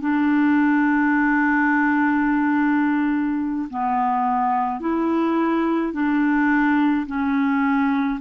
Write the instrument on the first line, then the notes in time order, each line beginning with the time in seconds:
clarinet
0.00 D4
3.69 B3
4.80 E4
5.92 D4
7.06 C#4